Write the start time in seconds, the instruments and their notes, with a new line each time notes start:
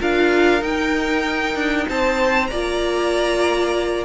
0.00 cello D4, viola F4, violin A#4 F5
0.61 viola D#4, cello D#4, violin G5
1.55 cello D4
1.89 cello C4, violin C5 A5
2.47 cello A#3, viola F4, violin D5 A#5